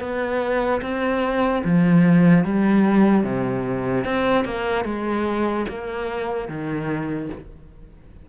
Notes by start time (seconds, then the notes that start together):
0.00 B3
0.81 C4
1.64 F3
2.44 G3
3.24 C3
4.04 C4
4.45 A#3
4.85 G#3
5.69 A#3
6.48 D#3